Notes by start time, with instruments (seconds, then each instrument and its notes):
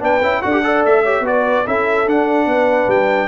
0.00 tuba B3, trombone D4, horn B4, trumpet G5
0.22 tuba C#4, trombone E4
0.42 tuba D4, trombone F#4, horn A4, trumpet F#5
0.52 trombone G4
0.64 trombone A4, horn D5
0.85 tuba A3, trumpet E5
1.03 trombone G4, horn C#5
1.21 tuba B3, trombone F#4
1.27 horn B4, trumpet D5
1.66 tuba C#4, trombone E4, horn A4, trumpet E5
2.07 trombone D4, tuba D4, trumpet F#5
2.46 tuba B3, horn B4
2.88 tuba G3, trumpet G5